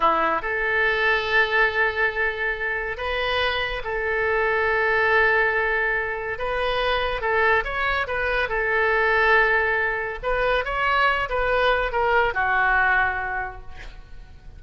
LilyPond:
\new Staff \with { instrumentName = "oboe" } { \time 4/4 \tempo 4 = 141 e'4 a'2.~ | a'2. b'4~ | b'4 a'2.~ | a'2. b'4~ |
b'4 a'4 cis''4 b'4 | a'1 | b'4 cis''4. b'4. | ais'4 fis'2. | }